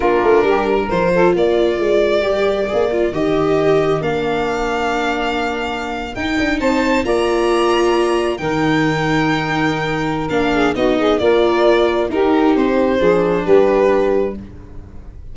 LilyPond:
<<
  \new Staff \with { instrumentName = "violin" } { \time 4/4 \tempo 4 = 134 ais'2 c''4 d''4~ | d''2. dis''4~ | dis''4 f''2.~ | f''4.~ f''16 g''4 a''4 ais''16~ |
ais''2~ ais''8. g''4~ g''16~ | g''2. f''4 | dis''4 d''2 ais'4 | c''2 b'2 | }
  \new Staff \with { instrumentName = "saxophone" } { \time 4/4 f'4 g'8 ais'4 a'8 ais'4~ | ais'1~ | ais'1~ | ais'2~ ais'8. c''4 d''16~ |
d''2~ d''8. ais'4~ ais'16~ | ais'2.~ ais'8 gis'8 | fis'8 gis'8 ais'2 g'4~ | g'4 gis'4 g'2 | }
  \new Staff \with { instrumentName = "viola" } { \time 4/4 d'2 f'2~ | f'4 g'4 gis'8 f'8 g'4~ | g'4 d'2.~ | d'4.~ d'16 dis'2 f'16~ |
f'2~ f'8. dis'4~ dis'16~ | dis'2. d'4 | dis'4 f'2 dis'4~ | dis'4 d'2. | }
  \new Staff \with { instrumentName = "tuba" } { \time 4/4 ais8 a8 g4 f4 ais4 | gis4 g4 ais4 dis4~ | dis4 ais2.~ | ais4.~ ais16 dis'8 d'8 c'4 ais16~ |
ais2~ ais8. dis4~ dis16~ | dis2. ais4 | b4 ais2 dis'4 | c'4 f4 g2 | }
>>